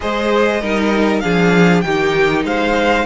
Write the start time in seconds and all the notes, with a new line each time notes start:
0.00 G#3 G#4 C5 D#5
0.61 G3 D#4 A#4
1.20 F3 D4 G#4 F5
1.81 D#3 D#4 G4 G5
2.44 G#3 C5 F5